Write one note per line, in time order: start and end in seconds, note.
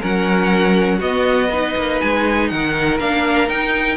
0.00 1.00 F#3
0.00 1.00 C#4
0.00 0.97 A#4
0.00 1.01 F#5
0.97 1.75 B3
0.97 1.50 B3
0.97 1.47 F#4
0.97 2.00 D#5
1.50 2.99 D#4
1.50 2.49 B4
1.76 2.01 A#3
2.00 2.51 G#3
2.00 2.48 G#5
2.48 2.99 D#3
2.48 3.97 A#4
2.48 2.98 F#5
2.99 3.48 A#3
2.99 3.47 D4
2.99 3.49 F5
3.47 3.96 D#4
3.47 3.97 D#4
3.47 3.97 G5